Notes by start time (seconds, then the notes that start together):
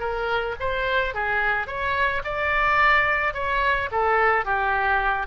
0.00 A#4
0.60 C5
1.14 G#4
1.67 C#5
2.25 D5
3.34 C#5
3.92 A4
4.45 G4